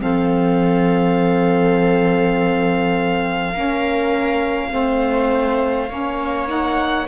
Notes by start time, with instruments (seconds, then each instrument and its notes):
0.00 cello F3, saxophone C4, viola A4, violin F5
3.53 cello A#3, saxophone C#4, viola A#4
4.71 cello A3, saxophone C4, viola C5
5.89 cello A#3, saxophone C#4, viola C#5
6.48 saxophone D#4, violin F#5